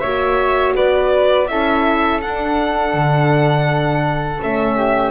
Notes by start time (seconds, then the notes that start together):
0.00 A#3 F#4 C#5 E5
0.75 B3 B4 D5
1.48 C#4 E4 A4 E5
2.22 D4 F#5
2.94 D3
4.41 A3 C#4 E5
4.77 G4